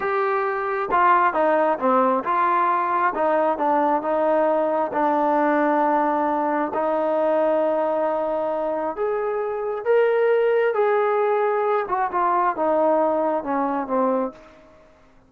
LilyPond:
\new Staff \with { instrumentName = "trombone" } { \time 4/4 \tempo 4 = 134 g'2 f'4 dis'4 | c'4 f'2 dis'4 | d'4 dis'2 d'4~ | d'2. dis'4~ |
dis'1 | gis'2 ais'2 | gis'2~ gis'8 fis'8 f'4 | dis'2 cis'4 c'4 | }